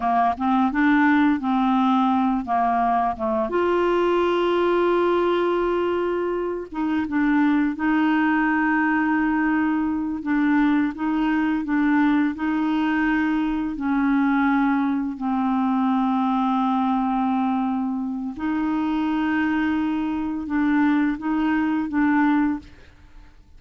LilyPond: \new Staff \with { instrumentName = "clarinet" } { \time 4/4 \tempo 4 = 85 ais8 c'8 d'4 c'4. ais8~ | ais8 a8 f'2.~ | f'4. dis'8 d'4 dis'4~ | dis'2~ dis'8 d'4 dis'8~ |
dis'8 d'4 dis'2 cis'8~ | cis'4. c'2~ c'8~ | c'2 dis'2~ | dis'4 d'4 dis'4 d'4 | }